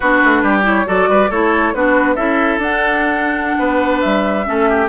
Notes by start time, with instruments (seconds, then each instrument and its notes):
0.00 bassoon B3, clarinet D4, oboe F#4, flute B4
0.23 bassoon A3
0.42 bassoon G3, oboe G4
0.62 clarinet E4, flute C#5
0.85 bassoon F#3, clarinet F#4, oboe A4, flute D5
1.08 bassoon G3, oboe B4
1.30 bassoon A3, clarinet E4, oboe A4, flute C#5
1.73 bassoon B3, clarinet D4, oboe F#4, flute B4
2.15 bassoon C#4, clarinet E4, oboe A4, flute E5
2.57 bassoon D4, flute F#5
2.63 clarinet D4
3.58 bassoon B3, oboe B4
4.00 bassoon G3, flute E5
4.44 bassoon A3, clarinet C#4, oboe A4
4.69 oboe G4